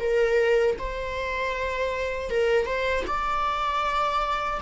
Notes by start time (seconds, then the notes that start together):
0.00 A#4
0.79 C5
2.31 A#4
2.66 C5
3.07 D5